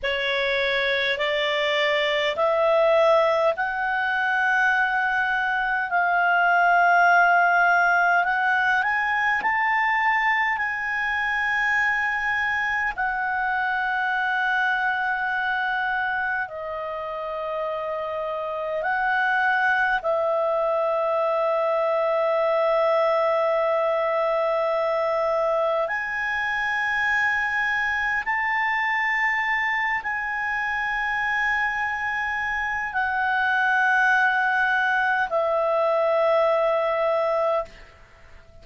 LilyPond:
\new Staff \with { instrumentName = "clarinet" } { \time 4/4 \tempo 4 = 51 cis''4 d''4 e''4 fis''4~ | fis''4 f''2 fis''8 gis''8 | a''4 gis''2 fis''4~ | fis''2 dis''2 |
fis''4 e''2.~ | e''2 gis''2 | a''4. gis''2~ gis''8 | fis''2 e''2 | }